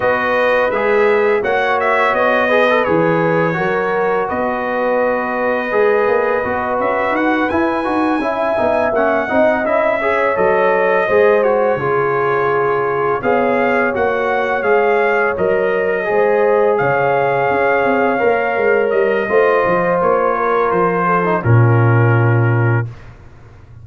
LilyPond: <<
  \new Staff \with { instrumentName = "trumpet" } { \time 4/4 \tempo 4 = 84 dis''4 e''4 fis''8 e''8 dis''4 | cis''2 dis''2~ | dis''4. e''8 fis''8 gis''4.~ | gis''8 fis''4 e''4 dis''4. |
cis''2~ cis''8 f''4 fis''8~ | fis''8 f''4 dis''2 f''8~ | f''2~ f''8 dis''4. | cis''4 c''4 ais'2 | }
  \new Staff \with { instrumentName = "horn" } { \time 4/4 b'2 cis''4. b'8~ | b'4 ais'4 b'2~ | b'2.~ b'8 e''8~ | e''4 dis''4 cis''4. c''8~ |
c''8 gis'2 cis''4.~ | cis''2~ cis''8 c''4 cis''8~ | cis''2. c''4~ | c''8 ais'4 a'8 f'2 | }
  \new Staff \with { instrumentName = "trombone" } { \time 4/4 fis'4 gis'4 fis'4. gis'16 a'16 | gis'4 fis'2. | gis'4 fis'4. e'8 fis'8 e'8 | dis'8 cis'8 dis'8 e'8 gis'8 a'4 gis'8 |
fis'8 f'2 gis'4 fis'8~ | fis'8 gis'4 ais'4 gis'4.~ | gis'4. ais'4. f'4~ | f'4.~ f'16 dis'16 cis'2 | }
  \new Staff \with { instrumentName = "tuba" } { \time 4/4 b4 gis4 ais4 b4 | e4 fis4 b2 | gis8 ais8 b8 cis'8 dis'8 e'8 dis'8 cis'8 | b8 ais8 c'8 cis'4 fis4 gis8~ |
gis8 cis2 b4 ais8~ | ais8 gis4 fis4 gis4 cis8~ | cis8 cis'8 c'8 ais8 gis8 g8 a8 f8 | ais4 f4 ais,2 | }
>>